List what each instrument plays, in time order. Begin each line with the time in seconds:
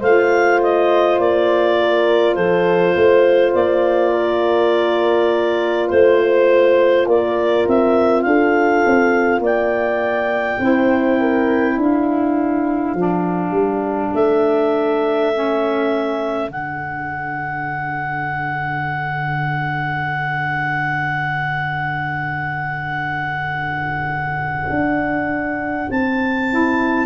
0.00 tuba A3, saxophone F4, horn C5, clarinet F5
0.62 clarinet D#5
1.19 tuba A#3, clarinet D5
1.80 horn A#4
2.35 tuba F3, horn A4, clarinet C5
2.95 tuba A3, horn C5
3.54 tuba A#3, clarinet D5
4.12 horn A#4
5.88 tuba A3, horn C5, clarinet C5
7.07 tuba A#3, horn A#4, clarinet D5
7.67 tuba C4, clarinet E5
8.23 tuba D4, horn A4, clarinet F5
8.86 tuba C4
9.39 tuba A#3, horn D5
9.46 clarinet G5
10.60 tuba C4, saxophone E4, horn C5
11.20 horn A#4
11.76 tuba D4, horn A4, clarinet F5
12.94 tuba F3, saxophone D4
13.52 tuba G3
14.14 tuba A3, clarinet E5
15.34 saxophone C#4
16.48 tuba D3, saxophone D4, clarinet F#5
24.70 tuba D4
25.91 tuba C4, clarinet A5
26.50 saxophone E4